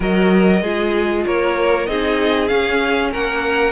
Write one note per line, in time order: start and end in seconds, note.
0.00 0.62 F#3
0.00 0.60 F#4
0.00 0.62 A#4
0.00 1.26 D#5
0.62 1.25 G#3
0.62 1.87 F4
0.62 1.24 G#4
1.26 1.87 A#3
1.26 1.89 A#4
1.26 1.86 C#5
1.86 2.49 C4
1.86 2.48 D#4
1.86 3.11 G#4
1.86 2.47 D#5
2.47 3.71 C#4
2.47 3.13 C#4
2.47 3.10 F5
3.11 3.71 A#3
3.11 3.71 A#4
3.11 3.71 F#5